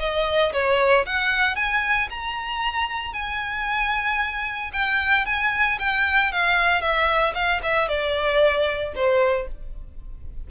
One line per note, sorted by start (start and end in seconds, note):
0.00 0.53 D#5
0.53 1.06 C#5
1.06 1.56 F#5
1.56 2.09 G#5
2.10 3.14 A#5
3.14 4.72 G#5
4.73 5.26 G5
5.26 5.79 G#5
5.80 6.32 G5
6.32 6.81 F5
6.81 7.34 E5
7.35 7.61 F5
7.63 7.89 E5
7.89 8.94 D5
8.95 9.48 C5